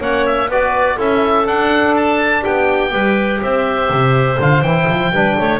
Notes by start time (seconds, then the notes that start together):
0.00 A#3 C#4 C#5 F#5
0.26 E5
0.48 B3 F#4 B4 D5
0.96 C#4 E4 A4 E5
1.45 D4 F#5
1.96 A5
2.42 B3 G4 G5
2.90 G3 G4 B4
3.40 C4 C5 E5
3.90 C3
4.39 D3 F4 F5
4.61 E3 E4 G5
4.88 F3
5.11 G3 D4 B4
5.38 A3 C#5